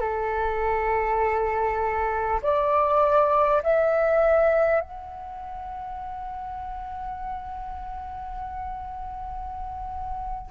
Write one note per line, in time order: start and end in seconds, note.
0.00 2.40 A4
2.42 3.62 D5
3.63 4.81 E5
4.81 10.51 F#5